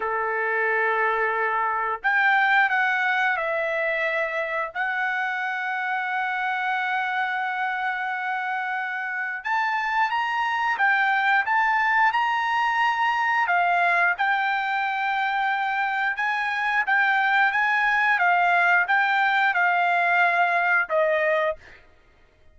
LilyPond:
\new Staff \with { instrumentName = "trumpet" } { \time 4/4 \tempo 4 = 89 a'2. g''4 | fis''4 e''2 fis''4~ | fis''1~ | fis''2 a''4 ais''4 |
g''4 a''4 ais''2 | f''4 g''2. | gis''4 g''4 gis''4 f''4 | g''4 f''2 dis''4 | }